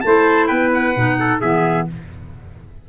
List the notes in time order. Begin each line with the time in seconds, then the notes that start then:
0.00 A3 E4 C5 A5
0.47 B3 B4 G5
0.73 F#5
0.95 B2 D#4
1.19 A4
1.40 E3 B3 G#4 E5